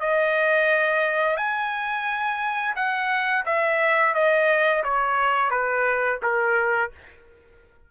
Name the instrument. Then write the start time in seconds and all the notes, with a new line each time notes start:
trumpet
0.00 D#5
1.37 G#5
2.76 F#5
3.46 E5
4.14 D#5
4.84 C#5
5.50 B4
6.22 A#4